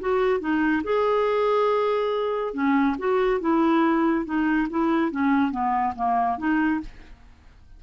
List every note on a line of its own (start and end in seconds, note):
0.00 0.40 F#4
0.40 0.82 D#4
0.84 2.53 G#4
2.53 2.96 C#4
2.98 3.40 F#4
3.40 4.25 E4
4.25 4.68 D#4
4.70 5.11 E4
5.11 5.51 C#4
5.51 5.94 B3
5.96 6.38 A#3
6.38 6.80 D#4